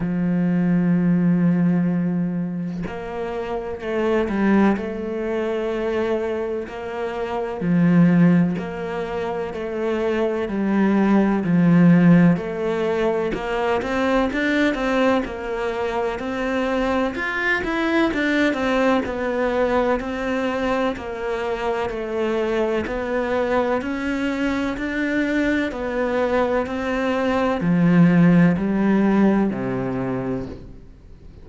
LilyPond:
\new Staff \with { instrumentName = "cello" } { \time 4/4 \tempo 4 = 63 f2. ais4 | a8 g8 a2 ais4 | f4 ais4 a4 g4 | f4 a4 ais8 c'8 d'8 c'8 |
ais4 c'4 f'8 e'8 d'8 c'8 | b4 c'4 ais4 a4 | b4 cis'4 d'4 b4 | c'4 f4 g4 c4 | }